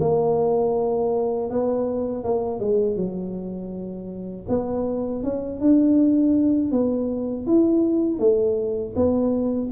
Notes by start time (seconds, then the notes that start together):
0.00 A#3
1.50 B3
2.23 A#3
2.59 G#3
2.96 F#3
4.48 B3
5.23 C#4
5.60 D4
6.71 B3
7.46 E4
8.19 A3
8.96 B3